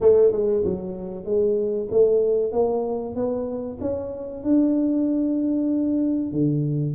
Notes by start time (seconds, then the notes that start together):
0.00 A3
0.32 G#3
0.64 F#3
1.24 G#3
1.91 A3
2.52 A#3
3.15 B3
3.81 C#4
4.43 D4
6.32 D3